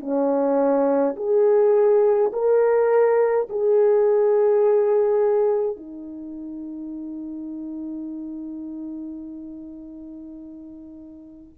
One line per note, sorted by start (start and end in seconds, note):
0.00 1.15 C#4
1.16 2.32 G#4
2.32 3.48 A#4
3.49 5.76 G#4
5.76 11.53 D#4